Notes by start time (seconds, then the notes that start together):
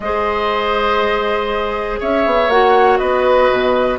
0.00 G#3 G#4 C5 D#5
2.00 C#4 C#5 E5
2.26 B3
2.48 A#3 F#4 F#5
2.97 B3 B4 D#5
3.51 B2